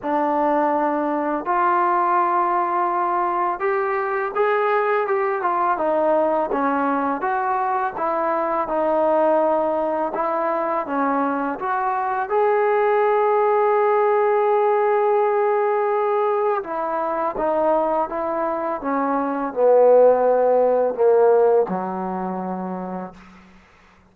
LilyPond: \new Staff \with { instrumentName = "trombone" } { \time 4/4 \tempo 4 = 83 d'2 f'2~ | f'4 g'4 gis'4 g'8 f'8 | dis'4 cis'4 fis'4 e'4 | dis'2 e'4 cis'4 |
fis'4 gis'2.~ | gis'2. e'4 | dis'4 e'4 cis'4 b4~ | b4 ais4 fis2 | }